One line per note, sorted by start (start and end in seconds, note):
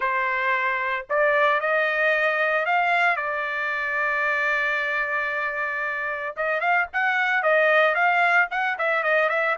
0.00 1.06 C5
1.09 1.60 D5
1.60 2.65 D#5
2.65 3.16 F5
3.16 6.35 D5
6.36 6.60 D#5
6.60 6.86 F5
6.93 7.42 F#5
7.42 7.95 D#5
7.95 8.48 F5
8.51 8.77 F#5
8.78 9.03 E5
9.03 9.29 D#5
9.29 9.56 E5